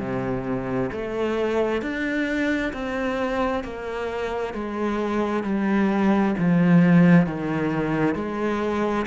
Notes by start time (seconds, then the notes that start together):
0.00 C3
0.92 A3
1.82 D4
2.74 C4
3.64 A#3
4.54 G#3
5.44 G3
6.38 F3
7.26 D#3
8.15 G#3